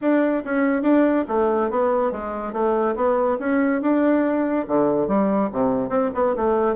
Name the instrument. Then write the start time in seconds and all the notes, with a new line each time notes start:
bassoon
0.01 D4
0.44 C#4
0.82 D4
1.28 A3
1.70 B3
2.11 G#3
2.52 A3
2.95 B3
3.39 C#4
3.81 D4
4.67 D3
5.07 G3
5.52 C3
5.89 C4
6.14 B3
6.36 A3